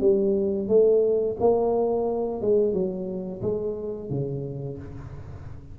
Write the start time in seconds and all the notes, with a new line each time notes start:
0.00 G3
0.68 A3
1.39 A#3
2.41 G#3
2.73 F#3
3.42 G#3
4.09 C#3